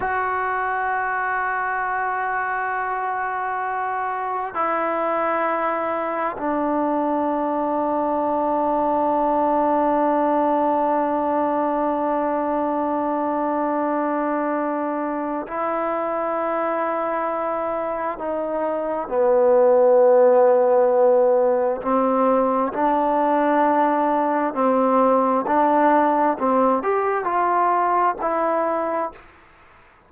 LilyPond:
\new Staff \with { instrumentName = "trombone" } { \time 4/4 \tempo 4 = 66 fis'1~ | fis'4 e'2 d'4~ | d'1~ | d'1~ |
d'4 e'2. | dis'4 b2. | c'4 d'2 c'4 | d'4 c'8 g'8 f'4 e'4 | }